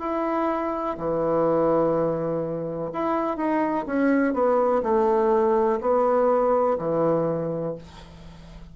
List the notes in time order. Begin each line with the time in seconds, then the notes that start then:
0.00 E4
0.98 E3
2.93 E4
3.37 D#4
3.87 C#4
4.34 B3
4.83 A3
5.81 B3
6.79 E3